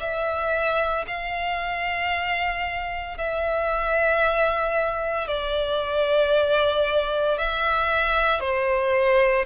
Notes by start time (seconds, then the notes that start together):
0.00 E5
1.07 F5
3.17 E5
5.28 D5
7.38 E5
8.40 C5